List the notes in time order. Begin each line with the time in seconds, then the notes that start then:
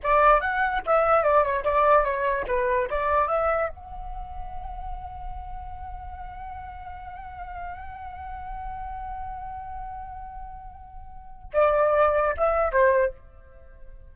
0.03 D5
0.41 F#5
0.85 E5
1.23 D5
1.43 C#5
1.64 D5
2.04 C#5
2.47 B4
2.90 D5
3.27 E5
3.68 F#5
11.53 D5
12.37 E5
12.72 C5